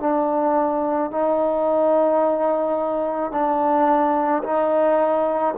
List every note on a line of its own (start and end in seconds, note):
0.00 1.11 D4
1.11 3.32 D#4
3.32 4.43 D4
4.43 5.55 D#4